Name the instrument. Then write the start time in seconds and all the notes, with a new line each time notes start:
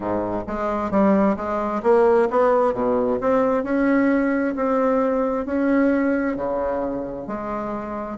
bassoon
0.00 G#2
0.47 G#3
0.90 G3
1.36 G#3
1.83 A#3
2.30 B3
2.73 B2
3.20 C4
3.63 C#4
4.55 C4
5.45 C#4
6.36 C#3
7.27 G#3